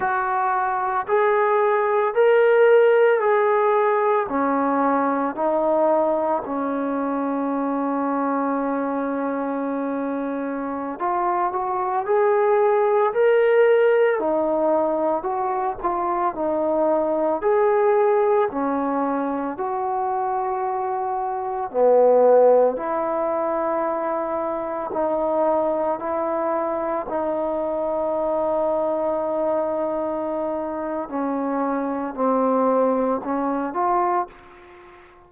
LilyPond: \new Staff \with { instrumentName = "trombone" } { \time 4/4 \tempo 4 = 56 fis'4 gis'4 ais'4 gis'4 | cis'4 dis'4 cis'2~ | cis'2~ cis'16 f'8 fis'8 gis'8.~ | gis'16 ais'4 dis'4 fis'8 f'8 dis'8.~ |
dis'16 gis'4 cis'4 fis'4.~ fis'16~ | fis'16 b4 e'2 dis'8.~ | dis'16 e'4 dis'2~ dis'8.~ | dis'4 cis'4 c'4 cis'8 f'8 | }